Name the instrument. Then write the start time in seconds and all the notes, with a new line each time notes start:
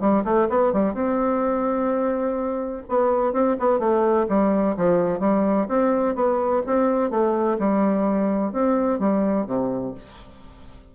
bassoon
0.00 G3
0.24 A3
0.49 B3
0.72 G3
0.94 C4
2.88 B3
3.32 C4
3.59 B3
3.79 A3
4.28 G3
4.77 F3
5.19 G3
5.68 C4
6.15 B3
6.66 C4
7.10 A3
7.59 G3
8.52 C4
8.99 G3
9.46 C3